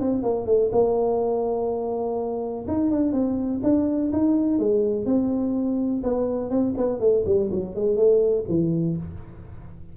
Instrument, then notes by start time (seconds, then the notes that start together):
tuba
0.00 C4
0.23 A#3
0.46 A3
0.72 A#3
2.68 D#4
2.91 D4
3.13 C4
3.63 D4
4.12 D#4
4.59 G#3
5.06 C4
6.03 B3
6.50 C4
6.77 B3
7.00 A3
7.26 G3
7.51 F#3
7.75 G#3
7.97 A3
8.49 E3